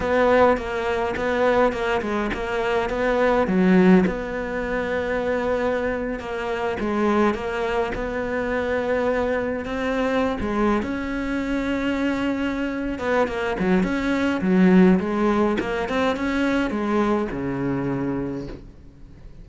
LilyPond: \new Staff \with { instrumentName = "cello" } { \time 4/4 \tempo 4 = 104 b4 ais4 b4 ais8 gis8 | ais4 b4 fis4 b4~ | b2~ b8. ais4 gis16~ | gis8. ais4 b2~ b16~ |
b8. c'4~ c'16 gis8. cis'4~ cis'16~ | cis'2~ cis'8 b8 ais8 fis8 | cis'4 fis4 gis4 ais8 c'8 | cis'4 gis4 cis2 | }